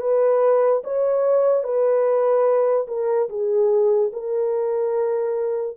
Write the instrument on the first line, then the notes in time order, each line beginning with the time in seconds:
horn
0.00 B4
0.84 C#5
1.63 B4
2.87 A#4
3.29 G#4
4.12 A#4